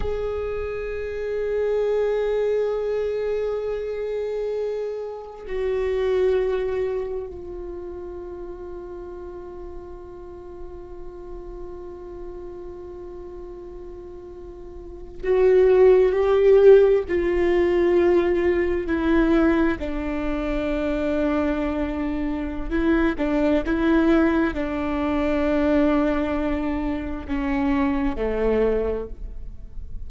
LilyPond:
\new Staff \with { instrumentName = "viola" } { \time 4/4 \tempo 4 = 66 gis'1~ | gis'2 fis'2 | f'1~ | f'1~ |
f'8. fis'4 g'4 f'4~ f'16~ | f'8. e'4 d'2~ d'16~ | d'4 e'8 d'8 e'4 d'4~ | d'2 cis'4 a4 | }